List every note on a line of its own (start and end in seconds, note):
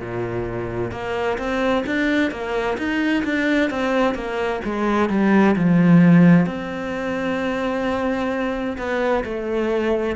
0.00 0.91 A#2
0.91 1.37 A#3
1.38 1.84 C4
1.86 2.31 D4
2.31 2.77 A#3
2.77 3.23 D#4
3.24 3.70 D4
3.70 4.14 C4
4.14 4.60 A#3
4.64 5.09 G#3
5.09 5.55 G3
5.56 6.46 F3
6.46 8.77 C4
8.77 9.23 B3
9.24 10.16 A3